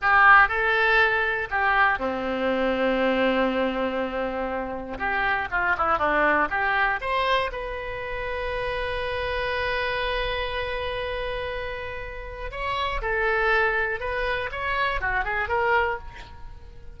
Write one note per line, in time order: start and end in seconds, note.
0.01 0.48 G4
0.48 1.48 A4
1.50 1.98 G4
1.98 4.98 C4
4.98 5.48 G4
5.50 5.75 F4
5.77 5.98 E4
5.98 6.48 D4
6.50 7.00 G4
7.00 7.50 C5
7.52 12.51 B4
12.51 13.01 C#5
13.01 14.00 A4
14.00 14.50 B4
14.51 15.00 C#5
15.00 15.24 F#4
15.24 15.48 G#4
15.48 15.98 A#4